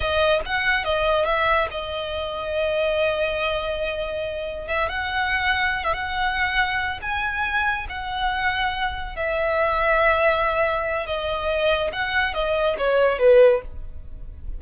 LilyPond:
\new Staff \with { instrumentName = "violin" } { \time 4/4 \tempo 4 = 141 dis''4 fis''4 dis''4 e''4 | dis''1~ | dis''2. e''8 fis''8~ | fis''4.~ fis''16 e''16 fis''2~ |
fis''8 gis''2 fis''4.~ | fis''4. e''2~ e''8~ | e''2 dis''2 | fis''4 dis''4 cis''4 b'4 | }